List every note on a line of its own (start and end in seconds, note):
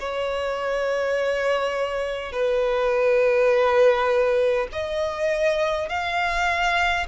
0.00 2.32 C#5
2.32 4.67 B4
4.72 5.89 D#5
5.89 7.06 F5